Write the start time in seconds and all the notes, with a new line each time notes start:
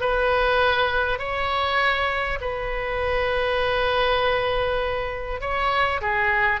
0.00 B4
1.18 C#5
2.40 B4
5.40 C#5
6.01 G#4